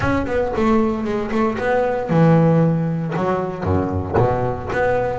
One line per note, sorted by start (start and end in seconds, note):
0.00 0.25 C#4
0.26 0.52 B3
0.56 1.04 A3
1.04 1.30 G#3
1.31 1.57 A3
1.58 2.09 B3
2.09 3.13 E3
3.16 3.63 F#3
3.63 4.15 F#2
4.17 4.69 B2
4.72 5.18 B3